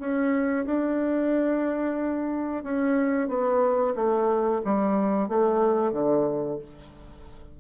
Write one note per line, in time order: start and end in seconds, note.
0.00 0.66 C#4
0.66 2.64 D4
2.64 3.28 C#4
3.28 3.94 B3
3.96 4.62 A3
4.65 5.29 G3
5.29 5.93 A3
5.93 6.58 D3